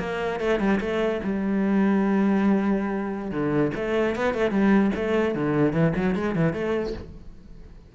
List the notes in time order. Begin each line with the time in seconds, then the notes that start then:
0.00 A#3
0.40 A3
0.60 G3
0.81 A3
1.23 G3
3.31 D3
3.76 A3
4.16 B3
4.34 A3
4.51 G3
4.95 A3
5.35 D3
5.73 E3
5.96 F#3
6.15 G#3
6.36 E3
6.53 A3